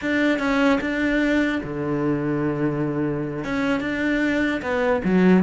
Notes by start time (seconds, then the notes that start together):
0.01 D4
0.38 C#4
0.81 D4
1.63 D3
3.44 C#4
3.80 D4
4.61 B3
5.04 F#3